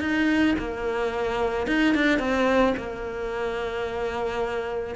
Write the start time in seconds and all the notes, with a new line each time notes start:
0.00 D#4
0.59 A#3
1.67 D#4
1.94 D4
2.19 C4
2.77 A#3